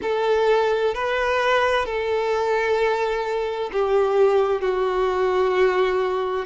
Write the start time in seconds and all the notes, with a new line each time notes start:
0.02 A4
0.94 B4
1.85 A4
3.72 G4
4.61 F#4